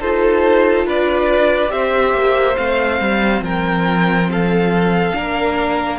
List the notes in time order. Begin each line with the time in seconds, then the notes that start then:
0.00 D#4 F4 A4 C5
0.86 D4 B4 D5
1.68 C4 G4 C5 E5
2.14 A#3
2.56 A3 C4 F5
3.00 G3
3.41 F3 A#4 G5
4.31 A4 F5
5.13 A#3 D4 A#4